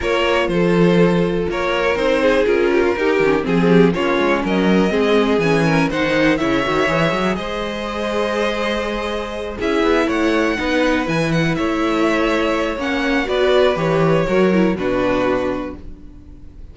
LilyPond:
<<
  \new Staff \with { instrumentName = "violin" } { \time 4/4 \tempo 4 = 122 cis''4 c''2 cis''4 | c''4 ais'2 gis'4 | cis''4 dis''2 gis''4 | fis''4 e''2 dis''4~ |
dis''2.~ dis''8 e''8~ | e''8 fis''2 gis''8 fis''8 e''8~ | e''2 fis''4 d''4 | cis''2 b'2 | }
  \new Staff \with { instrumentName = "violin" } { \time 4/4 ais'4 a'2 ais'4~ | ais'8 gis'4 g'16 f'16 g'4 gis'8 g'8 | f'4 ais'4 gis'4. ais'8 | c''4 cis''2 c''4~ |
c''2.~ c''8 gis'8~ | gis'8 cis''4 b'2 cis''8~ | cis''2. b'4~ | b'4 ais'4 fis'2 | }
  \new Staff \with { instrumentName = "viola" } { \time 4/4 f'1 | dis'4 f'4 dis'8 cis'8 c'4 | cis'2 c'4 cis'4 | dis'4 e'8 fis'8 gis'2~ |
gis'2.~ gis'8 e'8~ | e'4. dis'4 e'4.~ | e'2 cis'4 fis'4 | g'4 fis'8 e'8 d'2 | }
  \new Staff \with { instrumentName = "cello" } { \time 4/4 ais4 f2 ais4 | c'4 cis'4 dis'8 dis8 f4 | ais8 gis8 fis4 gis4 e4 | dis4 cis8 dis8 e8 fis8 gis4~ |
gis2.~ gis8 cis'8 | b8 a4 b4 e4 a8~ | a2 ais4 b4 | e4 fis4 b,2 | }
>>